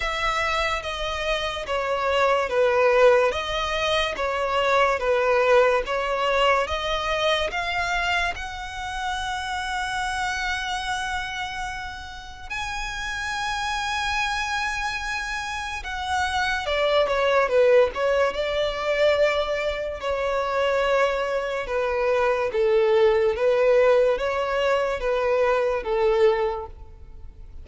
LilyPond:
\new Staff \with { instrumentName = "violin" } { \time 4/4 \tempo 4 = 72 e''4 dis''4 cis''4 b'4 | dis''4 cis''4 b'4 cis''4 | dis''4 f''4 fis''2~ | fis''2. gis''4~ |
gis''2. fis''4 | d''8 cis''8 b'8 cis''8 d''2 | cis''2 b'4 a'4 | b'4 cis''4 b'4 a'4 | }